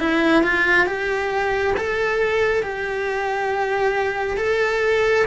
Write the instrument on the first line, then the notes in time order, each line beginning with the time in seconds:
cello
0.00 E4
0.43 F4
0.86 G4
1.77 A4
2.63 G4
4.37 A4